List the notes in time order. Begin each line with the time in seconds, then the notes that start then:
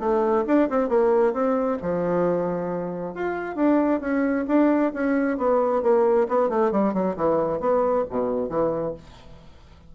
0.00 A3
0.47 D4
0.70 C4
0.89 A#3
1.33 C4
1.82 F3
3.15 F4
3.56 D4
4.01 C#4
4.48 D4
4.94 C#4
5.38 B3
5.82 A#3
6.29 B3
6.50 A3
6.72 G3
6.94 F#3
7.17 E3
7.60 B3
8.10 B2
8.50 E3